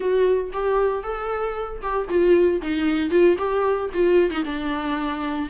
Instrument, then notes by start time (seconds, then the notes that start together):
viola
0.00 F#4
0.52 G4
1.03 A4
1.81 G4
2.09 F4
2.61 D#4
3.10 F4
3.37 G4
3.93 F4
4.30 D#4
4.44 D4